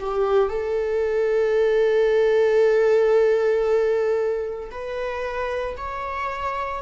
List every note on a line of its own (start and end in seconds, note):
0.00 0.49 G4
0.49 4.70 A4
4.71 5.77 B4
5.78 6.82 C#5